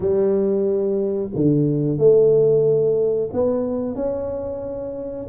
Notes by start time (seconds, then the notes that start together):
0.00 G3
1.35 D3
1.98 A3
3.32 B3
3.95 C#4